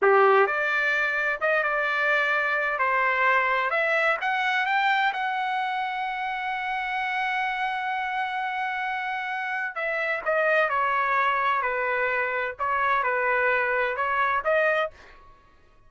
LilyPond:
\new Staff \with { instrumentName = "trumpet" } { \time 4/4 \tempo 4 = 129 g'4 d''2 dis''8 d''8~ | d''2 c''2 | e''4 fis''4 g''4 fis''4~ | fis''1~ |
fis''1~ | fis''4 e''4 dis''4 cis''4~ | cis''4 b'2 cis''4 | b'2 cis''4 dis''4 | }